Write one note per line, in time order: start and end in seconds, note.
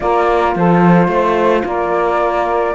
0.00 0.55 A#3
0.00 2.75 F4
0.00 0.57 A#4
0.00 0.53 D5
0.55 1.07 F3
0.55 1.07 A4
0.55 1.67 C5
1.07 1.62 A3
1.07 1.62 C5
1.64 2.74 A#3
1.64 2.75 A#4
1.64 2.75 D5